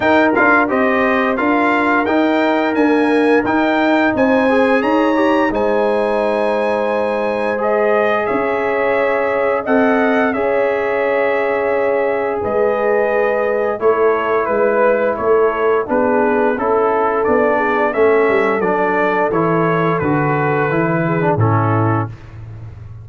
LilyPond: <<
  \new Staff \with { instrumentName = "trumpet" } { \time 4/4 \tempo 4 = 87 g''8 f''8 dis''4 f''4 g''4 | gis''4 g''4 gis''4 ais''4 | gis''2. dis''4 | e''2 fis''4 e''4~ |
e''2 dis''2 | cis''4 b'4 cis''4 b'4 | a'4 d''4 e''4 d''4 | cis''4 b'2 a'4 | }
  \new Staff \with { instrumentName = "horn" } { \time 4/4 ais'4 c''4 ais'2~ | ais'2 c''4 cis''4 | c''1 | cis''2 dis''4 cis''4~ |
cis''2 b'2 | a'4 b'4 a'4 gis'4 | a'4. gis'8 a'2~ | a'2~ a'8 gis'8 e'4 | }
  \new Staff \with { instrumentName = "trombone" } { \time 4/4 dis'8 f'8 g'4 f'4 dis'4 | ais4 dis'4. gis'4 g'8 | dis'2. gis'4~ | gis'2 a'4 gis'4~ |
gis'1 | e'2. d'4 | e'4 d'4 cis'4 d'4 | e'4 fis'4 e'8. d'16 cis'4 | }
  \new Staff \with { instrumentName = "tuba" } { \time 4/4 dis'8 d'8 c'4 d'4 dis'4 | d'4 dis'4 c'4 dis'4 | gis1 | cis'2 c'4 cis'4~ |
cis'2 gis2 | a4 gis4 a4 b4 | cis'4 b4 a8 g8 fis4 | e4 d4 e4 a,4 | }
>>